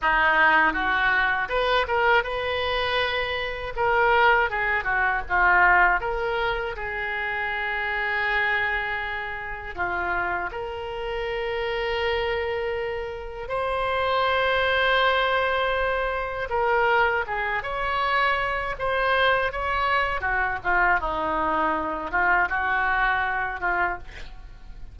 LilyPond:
\new Staff \with { instrumentName = "oboe" } { \time 4/4 \tempo 4 = 80 dis'4 fis'4 b'8 ais'8 b'4~ | b'4 ais'4 gis'8 fis'8 f'4 | ais'4 gis'2.~ | gis'4 f'4 ais'2~ |
ais'2 c''2~ | c''2 ais'4 gis'8 cis''8~ | cis''4 c''4 cis''4 fis'8 f'8 | dis'4. f'8 fis'4. f'8 | }